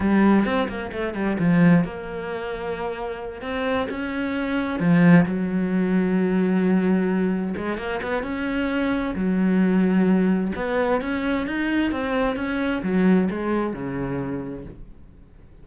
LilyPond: \new Staff \with { instrumentName = "cello" } { \time 4/4 \tempo 4 = 131 g4 c'8 ais8 a8 g8 f4 | ais2.~ ais8 c'8~ | c'8 cis'2 f4 fis8~ | fis1~ |
fis8 gis8 ais8 b8 cis'2 | fis2. b4 | cis'4 dis'4 c'4 cis'4 | fis4 gis4 cis2 | }